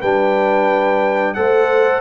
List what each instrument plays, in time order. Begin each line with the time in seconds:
0.00 tuba G3, trombone D4, horn B4, trumpet G5
1.34 tuba A3, trombone A4, horn C5, trumpet F#5